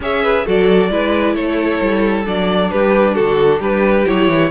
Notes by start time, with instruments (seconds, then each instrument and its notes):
0.00 cello C#4, viola G#4, violin C#5 E5
0.23 violin B4
0.45 cello F#3, viola F#4, violin A4 D5
0.90 cello G#3, viola E4, violin B4
1.34 cello A3, violin A4 C#5
1.81 cello G3
2.25 cello F#3, viola D4, violin D5
2.70 cello G3, violin G4 B4
3.14 cello D3, violin F#4 A4
3.59 cello G3, violin G4 B4
4.06 cello F#3, viola E4, violin C#5
4.28 cello E3